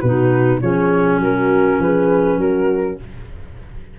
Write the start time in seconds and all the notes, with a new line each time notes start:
0.00 B2 D#4 F#4 B4
0.61 F3 C#4 G#4 C#5
1.19 F#3 F#4 A#4
1.79 F3 G#4 B4
2.38 F#3 F#4 A#4